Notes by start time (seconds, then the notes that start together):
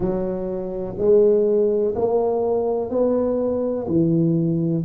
0.00 F#3
0.98 G#3
1.95 A#3
2.90 B3
3.87 E3